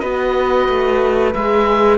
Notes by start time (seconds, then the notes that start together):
0.00 B3 F#4 B4 D#5
0.69 A3
1.35 G#3 G#4 E5